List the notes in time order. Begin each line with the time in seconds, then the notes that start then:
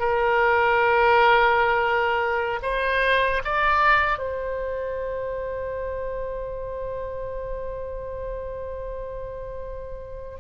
0.00 A#4
2.63 C5
3.45 D5
4.19 C5